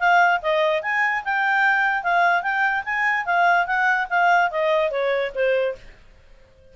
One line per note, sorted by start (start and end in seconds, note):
0.00 0.41 F5
0.42 0.83 D#5
0.83 1.24 G#5
1.25 2.04 G5
2.04 2.43 F5
2.43 2.84 G5
2.85 3.26 G#5
3.26 3.67 F5
3.67 4.08 F#5
4.10 4.51 F5
4.51 4.91 D#5
4.91 5.32 C#5
5.35 5.76 C5